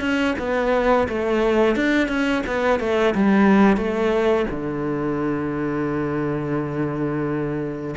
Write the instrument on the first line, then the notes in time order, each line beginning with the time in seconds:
cello
0.00 C#4
0.39 B3
1.08 A3
1.76 D4
2.08 C#4
2.46 B3
2.80 A3
3.14 G3
3.77 A3
4.50 D3